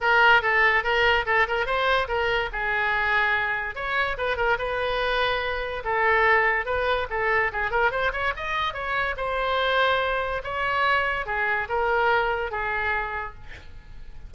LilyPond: \new Staff \with { instrumentName = "oboe" } { \time 4/4 \tempo 4 = 144 ais'4 a'4 ais'4 a'8 ais'8 | c''4 ais'4 gis'2~ | gis'4 cis''4 b'8 ais'8 b'4~ | b'2 a'2 |
b'4 a'4 gis'8 ais'8 c''8 cis''8 | dis''4 cis''4 c''2~ | c''4 cis''2 gis'4 | ais'2 gis'2 | }